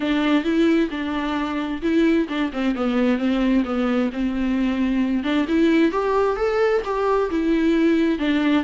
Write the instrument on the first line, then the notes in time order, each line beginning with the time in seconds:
viola
0.00 D4
0.43 E4
0.90 D4
1.82 E4
2.29 D4
2.52 C4
2.75 B3
3.18 C4
3.64 B3
4.12 C4
5.23 D4
5.48 E4
5.91 G4
6.36 A4
6.84 G4
7.30 E4
8.18 D4